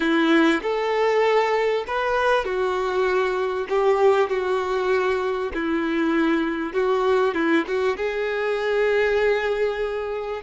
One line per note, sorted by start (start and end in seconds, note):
0.00 0.61 E4
0.62 1.85 A4
1.87 2.44 B4
2.44 3.67 F#4
3.69 4.29 G4
4.29 5.52 F#4
5.54 6.73 E4
6.73 7.34 F#4
7.34 7.64 E4
7.67 7.96 F#4
7.96 10.41 G#4